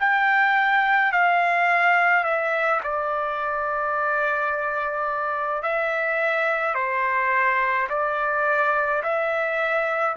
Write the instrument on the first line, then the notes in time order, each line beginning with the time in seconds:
trumpet
0.00 G5
1.12 F5
2.24 E5
2.84 D5
5.62 E5
6.75 C5
7.89 D5
9.03 E5